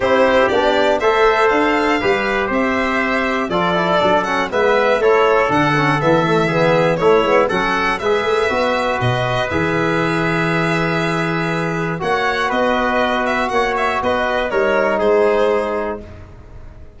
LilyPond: <<
  \new Staff \with { instrumentName = "violin" } { \time 4/4 \tempo 4 = 120 c''4 d''4 e''4 f''4~ | f''4 e''2 d''4~ | d''8 fis''8 e''4 cis''4 fis''4 | e''2 cis''4 fis''4 |
e''2 dis''4 e''4~ | e''1 | fis''4 dis''4. e''8 fis''8 e''8 | dis''4 cis''4 c''2 | }
  \new Staff \with { instrumentName = "trumpet" } { \time 4/4 g'2 c''2 | b'4 c''2 a'4~ | a'4 b'4 a'2~ | a'4 gis'4 e'4 a'4 |
b'1~ | b'1 | cis''4 b'2 cis''4 | b'4 ais'4 gis'2 | }
  \new Staff \with { instrumentName = "trombone" } { \time 4/4 e'4 d'4 a'2 | g'2. f'8 e'8 | d'8 cis'8 b4 e'4 d'8 cis'8 | b8 a8 b4 a8 b8 cis'4 |
gis'4 fis'2 gis'4~ | gis'1 | fis'1~ | fis'4 dis'2. | }
  \new Staff \with { instrumentName = "tuba" } { \time 4/4 c'4 b4 a4 d'4 | g4 c'2 f4 | fis4 gis4 a4 d4 | e2 a8 gis8 fis4 |
gis8 a8 b4 b,4 e4~ | e1 | ais4 b2 ais4 | b4 g4 gis2 | }
>>